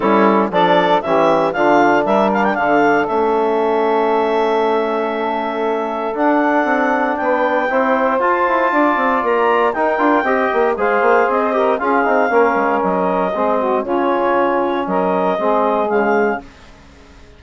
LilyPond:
<<
  \new Staff \with { instrumentName = "clarinet" } { \time 4/4 \tempo 4 = 117 a'4 d''4 e''4 f''4 | e''8 f''16 g''16 f''4 e''2~ | e''1 | fis''2 g''2 |
a''2 ais''4 g''4~ | g''4 f''4 dis''4 f''4~ | f''4 dis''2 cis''4~ | cis''4 dis''2 f''4 | }
  \new Staff \with { instrumentName = "saxophone" } { \time 4/4 e'4 a'4 g'4 f'4 | ais'4 a'2.~ | a'1~ | a'2 b'4 c''4~ |
c''4 d''2 ais'4 | dis''4 c''4. ais'8 gis'4 | ais'2 gis'8 fis'8 f'4~ | f'4 ais'4 gis'2 | }
  \new Staff \with { instrumentName = "trombone" } { \time 4/4 cis'4 d'4 cis'4 d'4~ | d'2 cis'2~ | cis'1 | d'2. e'4 |
f'2. dis'8 f'8 | g'4 gis'4. g'8 f'8 dis'8 | cis'2 c'4 cis'4~ | cis'2 c'4 gis4 | }
  \new Staff \with { instrumentName = "bassoon" } { \time 4/4 g4 f4 e4 d4 | g4 d4 a2~ | a1 | d'4 c'4 b4 c'4 |
f'8 e'8 d'8 c'8 ais4 dis'8 d'8 | c'8 ais8 gis8 ais8 c'4 cis'8 c'8 | ais8 gis8 fis4 gis4 cis4~ | cis4 fis4 gis4 cis4 | }
>>